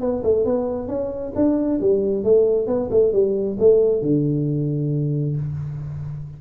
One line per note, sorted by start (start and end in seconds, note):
0.00 0.22 B3
0.23 0.45 A3
0.45 0.88 B3
0.88 1.32 C#4
1.35 1.80 D4
1.80 2.23 G3
2.23 2.67 A3
2.67 2.89 B3
2.90 3.12 A3
3.12 3.57 G3
3.59 4.02 A3
4.02 5.36 D3